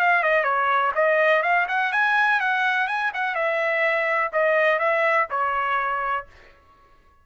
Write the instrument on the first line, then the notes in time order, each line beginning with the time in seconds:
trumpet
0.00 F5
0.23 D#5
0.44 C#5
0.96 D#5
1.43 F5
1.68 F#5
1.93 G#5
2.41 F#5
2.88 G#5
3.14 F#5
3.35 E5
4.33 D#5
4.79 E5
5.31 C#5